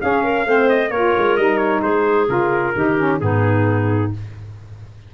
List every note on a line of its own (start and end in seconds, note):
0.00 0.46 C#4
0.00 0.24 G#4
0.00 0.69 F5
0.24 0.47 A#4
0.46 0.90 A3
0.46 0.92 C4
0.46 0.91 C5
0.69 0.91 D#5
0.90 1.13 A#3
0.90 1.39 F4
0.90 1.83 A#4
0.90 1.37 C#5
1.18 1.37 G#3
1.37 1.83 G3
1.37 2.28 D#4
1.37 1.57 D#5
1.57 1.80 C#5
1.82 2.28 G#3
1.82 2.74 G#4
1.82 2.28 C5
2.28 2.74 C#3
2.28 2.74 F4
2.28 3.20 A#4
2.75 3.21 D#3
2.75 2.98 D#4
2.75 3.21 G4
2.98 3.21 C#4
3.20 4.13 G#2
3.20 4.13 B3
3.20 4.14 D#4
3.20 4.12 G#4